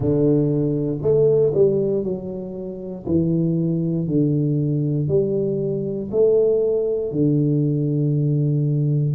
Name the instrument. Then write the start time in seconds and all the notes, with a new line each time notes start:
tuba
0.00 D3
1.02 A3
1.54 G3
2.03 F#3
3.06 E3
4.07 D3
5.08 G3
6.11 A3
7.11 D3